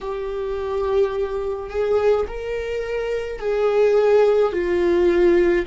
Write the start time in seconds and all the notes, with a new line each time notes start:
0.00 G4
1.69 G#4
2.27 A#4
3.39 G#4
4.52 F4